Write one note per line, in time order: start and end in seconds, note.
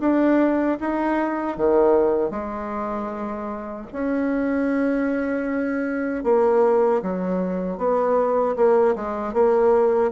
0.00 0.78 D4
0.80 1.57 D#4
1.57 2.30 D#3
2.30 3.86 G#3
3.92 6.24 C#4
6.24 7.02 A#3
7.02 7.77 F#3
7.77 8.55 B3
8.56 8.95 A#3
8.95 9.33 G#3
9.33 10.11 A#3